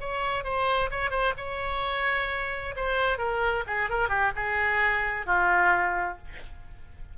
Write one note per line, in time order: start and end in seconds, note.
0.00 0.44 C#5
0.44 0.90 C5
0.91 1.10 C#5
1.10 1.33 C5
1.37 2.75 C#5
2.76 3.18 C5
3.18 3.64 A#4
3.67 3.90 G#4
3.90 4.09 A#4
4.09 4.32 G4
4.36 5.26 G#4
5.26 6.18 F4